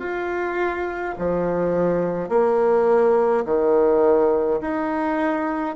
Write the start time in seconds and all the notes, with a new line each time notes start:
0.00 F4
1.19 F3
2.30 A#3
3.46 D#3
4.62 D#4